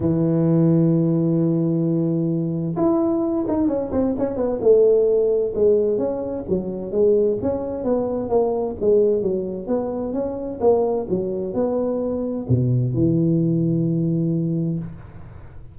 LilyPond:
\new Staff \with { instrumentName = "tuba" } { \time 4/4 \tempo 4 = 130 e1~ | e2 e'4. dis'8 | cis'8 c'8 cis'8 b8 a2 | gis4 cis'4 fis4 gis4 |
cis'4 b4 ais4 gis4 | fis4 b4 cis'4 ais4 | fis4 b2 b,4 | e1 | }